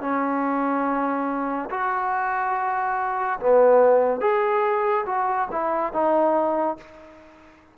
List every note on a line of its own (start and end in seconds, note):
0.00 1.69 C#4
1.70 3.39 F#4
3.39 4.20 B3
4.20 5.04 G#4
5.06 5.48 F#4
5.51 5.93 E4
5.93 6.77 D#4